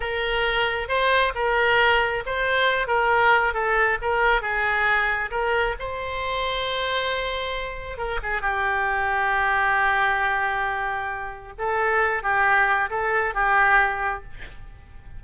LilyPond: \new Staff \with { instrumentName = "oboe" } { \time 4/4 \tempo 4 = 135 ais'2 c''4 ais'4~ | ais'4 c''4. ais'4. | a'4 ais'4 gis'2 | ais'4 c''2.~ |
c''2 ais'8 gis'8 g'4~ | g'1~ | g'2 a'4. g'8~ | g'4 a'4 g'2 | }